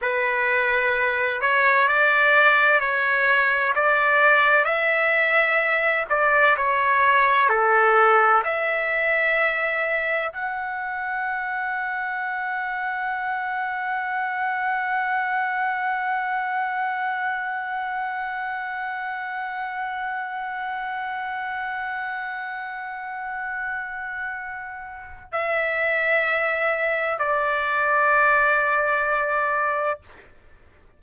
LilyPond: \new Staff \with { instrumentName = "trumpet" } { \time 4/4 \tempo 4 = 64 b'4. cis''8 d''4 cis''4 | d''4 e''4. d''8 cis''4 | a'4 e''2 fis''4~ | fis''1~ |
fis''1~ | fis''1~ | fis''2. e''4~ | e''4 d''2. | }